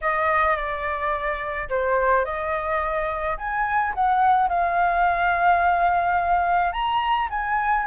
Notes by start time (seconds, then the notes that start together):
0.01 D#5
0.56 D5
1.69 C5
2.25 D#5
3.37 G#5
3.94 F#5
4.49 F5
6.72 A#5
7.30 G#5